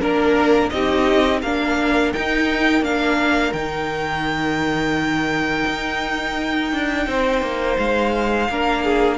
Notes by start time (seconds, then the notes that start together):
0.00 A#3 D4 A#4
0.69 C4 D#4 G4 D#5
1.41 A#3 D4 A#4 F5
2.13 D#4 G5
2.81 A#3 D4 F5
3.52 D#3 D#4 G5
5.66 D#4
6.72 D4
7.06 C4 C5
7.41 A#3
7.78 G#3 F5
8.49 A#3 D4 A#4
8.84 G#4